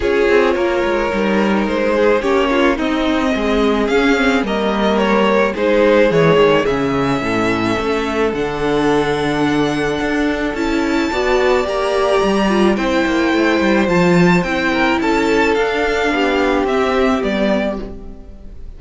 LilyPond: <<
  \new Staff \with { instrumentName = "violin" } { \time 4/4 \tempo 4 = 108 cis''2. c''4 | cis''4 dis''2 f''4 | dis''4 cis''4 c''4 cis''4 | e''2. fis''4~ |
fis''2. a''4~ | a''4 ais''2 g''4~ | g''4 a''4 g''4 a''4 | f''2 e''4 d''4 | }
  \new Staff \with { instrumentName = "violin" } { \time 4/4 gis'4 ais'2~ ais'8 gis'8 | g'8 f'8 dis'4 gis'2 | ais'2 gis'2~ | gis'4 a'2.~ |
a'1 | d''2. c''4~ | c''2~ c''8 ais'8 a'4~ | a'4 g'2. | }
  \new Staff \with { instrumentName = "viola" } { \time 4/4 f'2 dis'2 | cis'4 c'2 cis'8 c'8 | ais2 dis'4 gis4 | cis'2. d'4~ |
d'2. e'4 | fis'4 g'4. f'8 e'4~ | e'4 f'4 e'2 | d'2 c'4 b4 | }
  \new Staff \with { instrumentName = "cello" } { \time 4/4 cis'8 c'8 ais8 gis8 g4 gis4 | ais4 c'4 gis4 cis'4 | g2 gis4 e8 dis8 | cis4 a,4 a4 d4~ |
d2 d'4 cis'4 | b4 ais4 g4 c'8 ais8 | a8 g8 f4 c'4 cis'4 | d'4 b4 c'4 g4 | }
>>